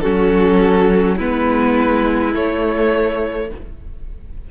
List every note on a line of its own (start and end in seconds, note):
0.00 1.19 F#3
0.00 1.19 C#4
0.00 1.15 F#4
0.00 1.15 A4
1.15 2.35 G#3
1.15 2.32 B3
1.15 3.46 E4
1.15 2.34 B4
2.32 3.48 A3
2.32 3.51 A3
2.32 3.50 C#5